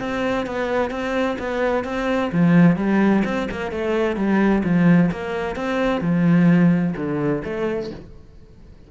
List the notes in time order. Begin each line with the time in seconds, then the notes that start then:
0.00 C4
0.46 B3
0.90 C4
1.39 B3
1.84 C4
2.32 F3
2.77 G3
3.25 C4
3.51 A#3
3.71 A3
4.16 G3
4.64 F3
5.12 A#3
5.56 C4
6.01 F3
6.96 D3
7.44 A3